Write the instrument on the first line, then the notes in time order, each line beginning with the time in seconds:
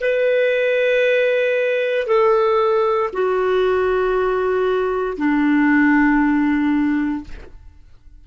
clarinet
0.00 B4
2.07 A4
3.13 F#4
5.17 D4